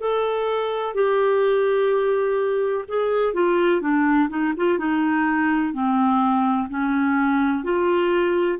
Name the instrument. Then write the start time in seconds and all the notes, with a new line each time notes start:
clarinet
0.00 A4
0.94 G4
2.88 G#4
3.33 F4
3.81 D4
4.29 D#4
4.57 F4
4.78 D#4
5.73 C4
6.69 C#4
7.64 F4